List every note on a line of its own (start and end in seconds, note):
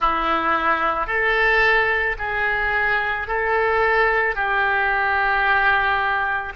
0.00 1.07 E4
1.07 2.16 A4
2.18 3.27 G#4
3.27 4.35 A4
4.35 6.53 G4